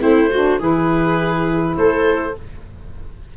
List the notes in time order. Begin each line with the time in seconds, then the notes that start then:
0.00 A3 C4 E4 C5
0.30 D4 F#4
0.59 E3 E4 G#4 B4
1.77 A3 A4 C5